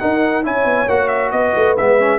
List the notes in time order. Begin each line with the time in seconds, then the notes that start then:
0.00 D#4 A#4 F#5
0.44 C#4 E4 C#5 G#5
0.65 B3
0.88 A#3 F#4 F#5
1.08 E5
1.32 B3 B4 D#5
1.56 A3
1.78 G#3 B3 E5
2.00 C#4